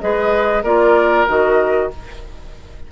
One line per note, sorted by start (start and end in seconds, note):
0.00 0.63 G#3
0.00 0.63 G#4
0.00 0.63 B4
0.00 0.63 D#5
0.63 1.26 A#3
0.63 1.27 F4
0.63 1.89 A#4
0.63 1.27 D5
1.27 1.91 D#3
1.27 1.90 F#4
1.27 1.91 D#5